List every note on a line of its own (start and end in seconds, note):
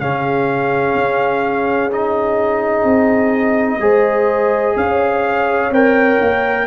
0.00 0.95 C#3
0.00 1.90 C#4
0.00 3.82 G#4
0.00 1.90 F5
0.95 2.84 C#4
1.91 3.81 D#4
1.91 4.77 D#5
2.84 3.79 C4
3.80 4.75 G#3
3.80 5.71 G#4
3.80 4.78 C5
4.76 5.71 C#4
4.76 6.67 C#5
4.76 5.73 F5
5.71 6.18 C4
5.71 6.67 A#4
5.71 6.67 G5
6.21 6.67 A#3